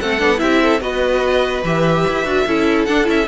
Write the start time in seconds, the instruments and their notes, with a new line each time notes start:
0.00 cello A3, viola C4, violin A4 F#5
0.20 cello B3, viola D4
0.37 cello C4, viola E4, violin G4 E5
0.63 violin A4
0.81 cello B3, viola F#4, violin B4 D#5
1.64 cello E3, viola G4, violin E5
2.08 cello E4
2.26 cello D4, viola F#4
2.47 cello C#4, viola E4, violin A4
2.86 cello D4, viola D4, violin F#5
3.05 cello C#4, viola E4, violin E5